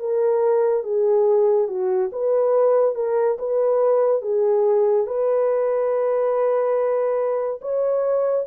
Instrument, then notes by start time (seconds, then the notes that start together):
horn
0.00 A#4
0.84 G#4
1.68 F#4
2.12 B4
2.95 A#4
3.39 B4
4.23 G#4
5.07 B4
7.62 C#5